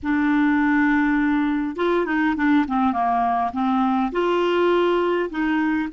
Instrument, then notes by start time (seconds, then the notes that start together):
clarinet
0.02 D4
1.76 F4
2.05 D#4
2.36 D4
2.67 C4
2.93 A#3
3.52 C4
4.12 F4
5.30 D#4